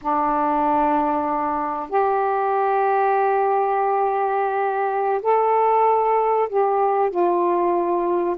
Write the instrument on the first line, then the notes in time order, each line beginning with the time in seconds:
saxophone
0.01 D4
1.89 G4
5.22 A4
6.49 G4
7.10 F4